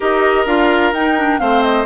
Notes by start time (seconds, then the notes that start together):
0.00 D#4 G4 A#4 D#5
0.46 D4 F4 F5
0.92 D#4 G5
1.17 D4
1.39 A3 C4 C5 F5
1.63 D#5